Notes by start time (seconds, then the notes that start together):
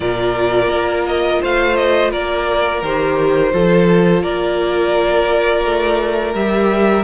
0.00 A#2 F4 A#4 D5
0.68 A#3
1.06 D#5
1.41 A3 C5 F5
1.76 D#5
2.11 A#3 A#4 D5
2.81 D#3 G4 C5
3.51 F3 F4 A4
4.22 A#3 A#4 D5
5.64 A3
6.34 G3 G4 E5